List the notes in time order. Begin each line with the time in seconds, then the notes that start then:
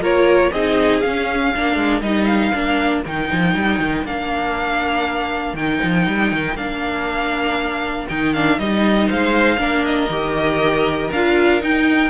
0.00 A#3 F4 A#4 C#5
0.51 C4 D#4 G#4 D#5
1.00 C#4 F5
1.53 A#3 D4 A#4
1.76 G#3
2.01 G3 D#4 D#5
2.25 F5
2.52 A#3 D4
3.05 D#3 D#4 G5
3.32 F3
3.54 G3
3.79 D#3
4.05 A#3 D4 F5
5.53 D#3 D#4 G5
5.83 F3
6.07 G3
6.31 D#3
6.55 A#3 D4 F5
8.08 D#3 D#4 G5
8.33 D4 F5
8.58 G3 D#4 D#5
9.07 G#3 C5 F5
9.57 A#3 D4 A#4
9.84 D#5
10.09 D#3 G4
11.12 D4 F4 F5
11.60 D#4 G5